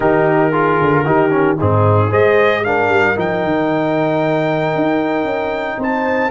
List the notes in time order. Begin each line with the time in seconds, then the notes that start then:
0.00 D#3 D#4 G4 A#4
0.51 F4 G#4
0.81 D3
1.05 D#3 D#4 G4
1.30 C#4
1.58 G#2 C4 D#4 G#4
2.08 G#3 G#4 C5 D#5
2.63 D4 A#4 F5
2.89 G3
3.15 F3 D#4 G5
3.44 D#3
4.75 D#4
5.24 C#4
5.77 C4 C5 A5